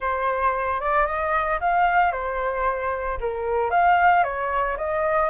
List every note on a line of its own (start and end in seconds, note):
0.00 0.80 C5
0.80 1.06 D5
1.06 1.59 D#5
1.60 2.12 F5
2.12 3.18 C5
3.20 3.70 A#4
3.70 4.23 F5
4.23 4.76 C#5
4.77 5.29 D#5